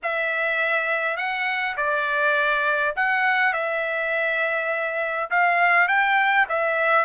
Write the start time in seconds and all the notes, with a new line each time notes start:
0.02 E5
1.16 F#5
1.76 D5
2.95 F#5
3.53 E5
5.30 F5
5.88 G5
6.48 E5